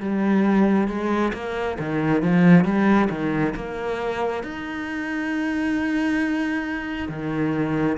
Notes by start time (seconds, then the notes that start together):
0.00 G3
0.87 G#3
1.33 A#3
1.78 D#3
2.22 F3
2.64 G3
3.10 D#3
3.55 A#3
4.43 D#4
7.08 D#3